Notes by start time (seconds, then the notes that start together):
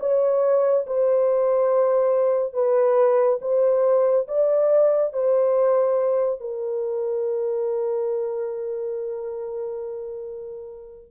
0.00 C#5
0.86 C5
2.53 B4
3.41 C5
4.28 D5
5.13 C5
6.40 A#4